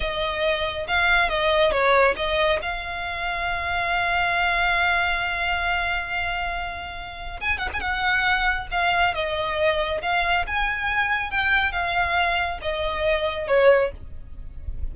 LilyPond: \new Staff \with { instrumentName = "violin" } { \time 4/4 \tempo 4 = 138 dis''2 f''4 dis''4 | cis''4 dis''4 f''2~ | f''1~ | f''1~ |
f''4 gis''8 fis''16 gis''16 fis''2 | f''4 dis''2 f''4 | gis''2 g''4 f''4~ | f''4 dis''2 cis''4 | }